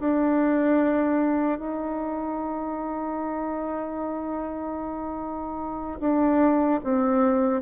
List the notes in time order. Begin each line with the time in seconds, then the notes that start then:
0.00 D4
1.59 D#4
6.00 D4
6.84 C4